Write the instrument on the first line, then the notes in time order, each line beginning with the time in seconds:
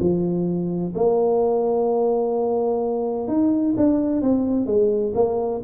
tuba
0.00 F3
0.95 A#3
3.28 D#4
3.77 D4
4.22 C4
4.66 G#3
5.15 A#3